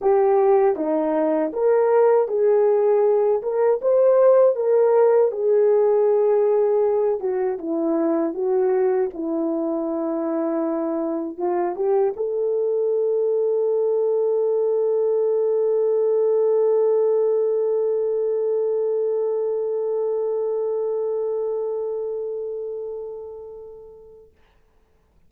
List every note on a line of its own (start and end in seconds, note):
0.01 0.76 G4
0.76 1.52 D#4
1.53 2.28 A#4
2.28 3.42 G#4
3.42 3.80 A#4
3.81 4.55 C5
4.55 5.31 A#4
5.31 7.19 G#4
7.19 7.57 F#4
7.58 8.33 E4
8.33 9.09 F#4
9.13 11.37 E4
11.37 11.75 F4
11.75 12.13 G4
12.16 24.31 A4